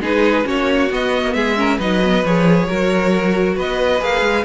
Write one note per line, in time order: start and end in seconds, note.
0.00 0.44 G#3
0.00 0.43 D#4
0.00 0.46 G#4
0.00 0.47 B4
0.43 0.90 A#3
0.43 0.88 C#4
0.43 1.35 F#4
0.43 0.92 C#5
0.91 1.23 B3
0.91 1.56 B3
0.91 1.33 D#5
1.23 1.33 A#3
1.33 1.78 G#3
1.33 1.58 G#4
1.33 1.78 E5
1.56 1.78 C#4
1.56 1.77 A#4
1.77 2.22 F#3
1.77 2.01 D#4
1.77 2.66 B4
1.77 2.25 D#5
2.04 2.25 B3
2.22 2.67 F3
2.22 2.69 G#4
2.22 3.58 C#5
2.68 3.57 F#3
2.68 3.99 F#4
2.68 3.55 A#4
3.55 4.01 B3
3.55 4.44 B4
3.55 4.03 D#5
3.99 4.21 A#3
3.99 4.43 G#4
3.99 4.45 F5
4.21 4.43 G#3